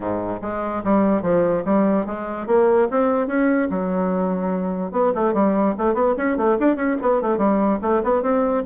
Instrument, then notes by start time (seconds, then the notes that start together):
bassoon
0.00 G#2
0.41 G#3
0.84 G3
1.22 F3
1.65 G3
2.06 G#3
2.46 A#3
2.91 C4
3.27 C#4
3.70 F#3
4.91 B3
5.14 A3
5.33 G3
5.78 A3
5.94 B3
6.17 C#4
6.37 A3
6.59 D4
6.75 C#4
7.01 B3
7.21 A3
7.37 G3
7.81 A3
8.03 B3
8.22 C4